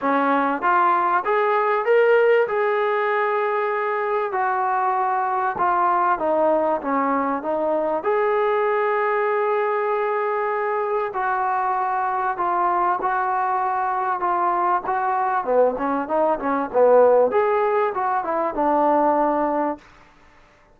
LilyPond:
\new Staff \with { instrumentName = "trombone" } { \time 4/4 \tempo 4 = 97 cis'4 f'4 gis'4 ais'4 | gis'2. fis'4~ | fis'4 f'4 dis'4 cis'4 | dis'4 gis'2.~ |
gis'2 fis'2 | f'4 fis'2 f'4 | fis'4 b8 cis'8 dis'8 cis'8 b4 | gis'4 fis'8 e'8 d'2 | }